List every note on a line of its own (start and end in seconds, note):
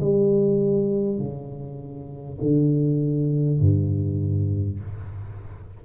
0.00 1.18 G3
1.18 2.38 C#3
2.41 3.59 D3
3.59 4.79 G2